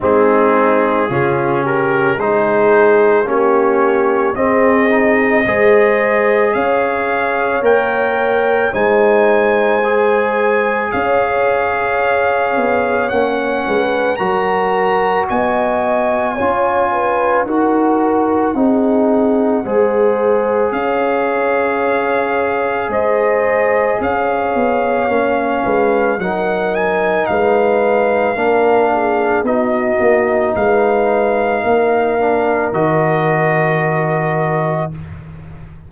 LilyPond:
<<
  \new Staff \with { instrumentName = "trumpet" } { \time 4/4 \tempo 4 = 55 gis'4. ais'8 c''4 cis''4 | dis''2 f''4 g''4 | gis''2 f''2 | fis''4 ais''4 gis''2 |
fis''2. f''4~ | f''4 dis''4 f''2 | fis''8 gis''8 f''2 dis''4 | f''2 dis''2 | }
  \new Staff \with { instrumentName = "horn" } { \time 4/4 dis'4 f'8 g'8 gis'4 g'4 | gis'4 c''4 cis''2 | c''2 cis''2~ | cis''8 b'8 ais'4 dis''4 cis''8 b'8 |
ais'4 gis'4 c''4 cis''4~ | cis''4 c''4 cis''4. b'8 | ais'4 b'4 ais'8 gis'8 fis'4 | b'4 ais'2. | }
  \new Staff \with { instrumentName = "trombone" } { \time 4/4 c'4 cis'4 dis'4 cis'4 | c'8 dis'8 gis'2 ais'4 | dis'4 gis'2. | cis'4 fis'2 f'4 |
fis'4 dis'4 gis'2~ | gis'2. cis'4 | dis'2 d'4 dis'4~ | dis'4. d'8 fis'2 | }
  \new Staff \with { instrumentName = "tuba" } { \time 4/4 gis4 cis4 gis4 ais4 | c'4 gis4 cis'4 ais4 | gis2 cis'4. b8 | ais8 gis8 fis4 b4 cis'4 |
dis'4 c'4 gis4 cis'4~ | cis'4 gis4 cis'8 b8 ais8 gis8 | fis4 gis4 ais4 b8 ais8 | gis4 ais4 dis2 | }
>>